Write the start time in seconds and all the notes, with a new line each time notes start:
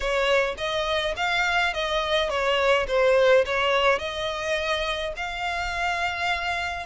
0.00 C#5
0.57 D#5
1.16 F5
1.73 D#5
2.29 C#5
2.87 C5
3.45 C#5
3.98 D#5
5.16 F5